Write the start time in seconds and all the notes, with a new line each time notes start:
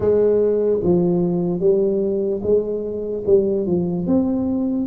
0.00 G#3
0.83 F3
1.60 G3
2.42 G#3
3.26 G3
3.66 F3
4.07 C4